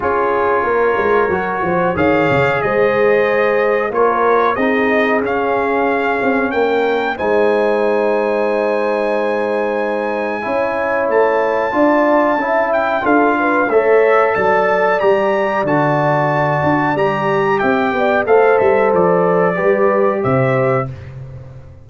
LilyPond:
<<
  \new Staff \with { instrumentName = "trumpet" } { \time 4/4 \tempo 4 = 92 cis''2. f''4 | dis''2 cis''4 dis''4 | f''2 g''4 gis''4~ | gis''1~ |
gis''4 a''2~ a''8 g''8 | f''4 e''4 a''4 ais''4 | a''2 ais''4 g''4 | f''8 e''8 d''2 e''4 | }
  \new Staff \with { instrumentName = "horn" } { \time 4/4 gis'4 ais'4. c''8 cis''4 | c''2 ais'4 gis'4~ | gis'2 ais'4 c''4~ | c''1 |
cis''2 d''4 e''4 | a'8 b'8 cis''4 d''2~ | d''2. e''8 d''8 | c''2 b'4 c''4 | }
  \new Staff \with { instrumentName = "trombone" } { \time 4/4 f'2 fis'4 gis'4~ | gis'2 f'4 dis'4 | cis'2. dis'4~ | dis'1 |
e'2 f'4 e'4 | f'4 a'2 g'4 | fis'2 g'2 | a'2 g'2 | }
  \new Staff \with { instrumentName = "tuba" } { \time 4/4 cis'4 ais8 gis8 fis8 f8 dis8 cis8 | gis2 ais4 c'4 | cis'4. c'8 ais4 gis4~ | gis1 |
cis'4 a4 d'4 cis'4 | d'4 a4 fis4 g4 | d4. d'8 g4 c'8 b8 | a8 g8 f4 g4 c4 | }
>>